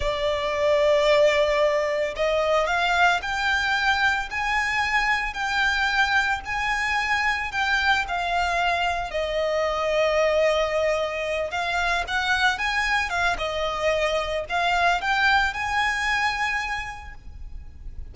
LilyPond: \new Staff \with { instrumentName = "violin" } { \time 4/4 \tempo 4 = 112 d''1 | dis''4 f''4 g''2 | gis''2 g''2 | gis''2 g''4 f''4~ |
f''4 dis''2.~ | dis''4. f''4 fis''4 gis''8~ | gis''8 f''8 dis''2 f''4 | g''4 gis''2. | }